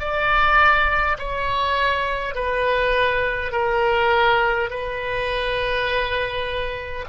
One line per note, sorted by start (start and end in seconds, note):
0.00 1.18 D5
1.19 2.35 C#5
2.35 3.52 B4
3.52 4.70 A#4
4.71 7.06 B4